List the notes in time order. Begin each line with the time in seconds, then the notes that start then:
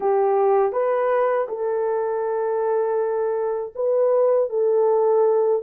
0.00 G4
0.72 B4
1.48 A4
3.75 B4
4.49 A4